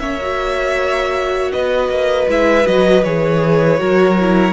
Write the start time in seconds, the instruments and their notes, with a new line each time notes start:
0.00 cello A#3, viola C#4, violin C#5 E5
0.22 viola F#4
1.52 cello B3, violin B4 D#5
1.90 cello A#3
2.28 cello G#3, viola E4, violin E5
2.65 cello F#3, viola F#4, violin D#5
3.04 cello E3, viola G#4, violin C#5
3.78 cello F#3, viola F#4, violin A#4
4.21 viola E4